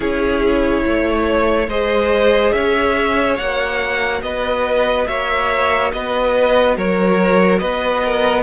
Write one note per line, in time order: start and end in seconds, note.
0.00 0.83 C#4
0.00 1.68 E4
0.00 0.82 G#4
0.00 1.69 C#5
0.86 1.67 A3
0.86 1.69 C#5
1.67 2.52 G#3
1.67 3.36 G#4
1.67 2.53 C5
1.67 2.51 D#5
2.51 3.38 C#4
2.51 4.22 C#5
2.51 3.36 E5
3.36 4.21 A#3
3.36 8.42 F#4
3.36 4.21 F#5
4.21 5.06 B3
4.21 5.08 B4
4.21 5.06 D#5
5.06 5.92 A#3
5.06 5.92 C#5
5.06 5.91 E5
5.92 6.76 B3
5.92 6.77 B4
5.92 6.77 D#5
6.76 7.61 F#3
6.76 7.60 A#4
6.76 7.58 C#5
7.58 8.42 B3
7.58 8.02 B4
7.58 8.42 D#5
8.04 8.42 A#4